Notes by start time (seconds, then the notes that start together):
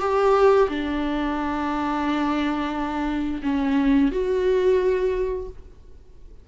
0.00 G4
0.69 D4
3.43 C#4
4.12 F#4